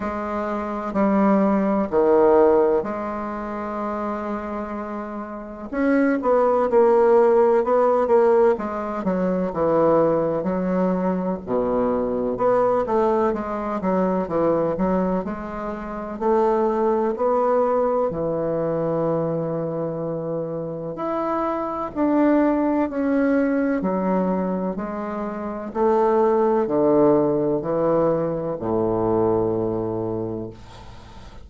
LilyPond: \new Staff \with { instrumentName = "bassoon" } { \time 4/4 \tempo 4 = 63 gis4 g4 dis4 gis4~ | gis2 cis'8 b8 ais4 | b8 ais8 gis8 fis8 e4 fis4 | b,4 b8 a8 gis8 fis8 e8 fis8 |
gis4 a4 b4 e4~ | e2 e'4 d'4 | cis'4 fis4 gis4 a4 | d4 e4 a,2 | }